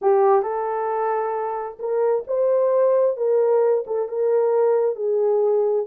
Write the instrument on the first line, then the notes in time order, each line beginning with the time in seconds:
horn
0.01 G4
0.42 A4
1.79 A#4
2.27 C5
3.16 A#4
3.86 A4
4.08 A#4
4.95 G#4